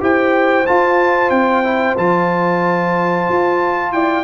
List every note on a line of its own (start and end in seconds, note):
0.00 0.67 E4
0.00 0.65 G4
0.00 3.93 C5
0.00 0.66 G5
0.66 1.64 F4
0.66 1.30 F4
0.66 1.30 A5
1.30 1.95 C4
1.30 1.95 G5
1.64 1.96 E4
1.97 3.28 F3
1.97 4.24 F4
1.97 3.92 A5
3.29 3.92 F4
3.92 4.24 E4
3.92 4.24 D5
3.92 4.24 G5